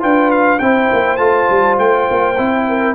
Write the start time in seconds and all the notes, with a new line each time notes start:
0.00 D4 F4 B4 G5
0.31 F5
0.59 C4 E4 C5 G5
0.93 A#3
1.17 A3 F4 A5
1.50 G3
1.79 A3 G5
2.11 A#3
2.37 C4 E4
2.68 A#4